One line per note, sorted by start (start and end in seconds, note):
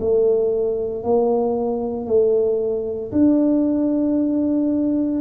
0.00 1.03 A3
1.03 2.06 A#3
2.06 3.11 A3
3.12 5.21 D4